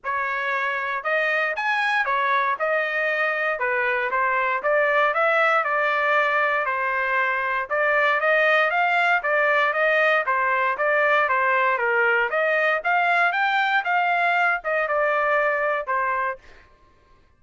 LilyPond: \new Staff \with { instrumentName = "trumpet" } { \time 4/4 \tempo 4 = 117 cis''2 dis''4 gis''4 | cis''4 dis''2 b'4 | c''4 d''4 e''4 d''4~ | d''4 c''2 d''4 |
dis''4 f''4 d''4 dis''4 | c''4 d''4 c''4 ais'4 | dis''4 f''4 g''4 f''4~ | f''8 dis''8 d''2 c''4 | }